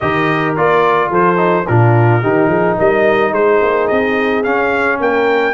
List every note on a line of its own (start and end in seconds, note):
0.00 0.57 D#3
0.00 0.56 G4
0.00 1.10 A#4
0.00 0.55 D#5
0.56 1.10 A#3
0.56 1.36 F4
0.56 1.12 D5
1.10 1.66 F3
1.10 1.65 A4
1.10 1.67 C5
1.36 1.64 D#4
1.67 2.23 A#2
1.67 2.22 D4
1.67 2.22 F4
1.67 2.78 A#4
2.22 2.47 D#3
2.22 4.44 D#4
2.22 2.48 G4
2.47 2.75 F3
2.47 2.75 G#4
2.78 3.31 G3
2.78 3.33 A#4
2.78 3.33 D#5
3.31 3.59 G#3
3.31 4.99 G#4
3.31 3.87 C5
3.61 3.89 A#3
3.87 4.45 C4
3.87 4.43 D#5
4.43 5.54 C#4
4.43 5.00 C#4
4.43 4.99 F5
4.99 5.54 A#3
4.99 5.54 A#4
4.99 5.54 G5